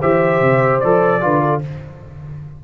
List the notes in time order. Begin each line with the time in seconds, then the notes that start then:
0.00 E3 G4 C5 E5
0.41 C3
0.80 F3 A4 D5
1.21 D3 F4 B4
1.41 A4